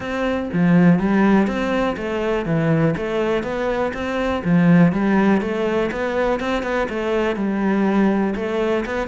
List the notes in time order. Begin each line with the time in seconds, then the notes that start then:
0.00 C4
0.53 F3
0.99 G3
1.47 C4
1.96 A3
2.45 E3
2.96 A3
3.43 B3
3.93 C4
4.44 F3
4.92 G3
5.41 A3
5.91 B3
6.40 C4
6.63 B3
6.89 A3
7.36 G3
8.35 A3
8.85 B3